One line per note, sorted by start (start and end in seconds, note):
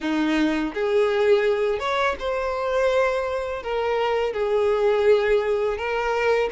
0.00 0.73 D#4
0.74 1.79 G#4
1.79 2.15 C#5
2.19 3.62 C5
3.62 4.33 A#4
4.33 5.77 G#4
5.77 6.49 A#4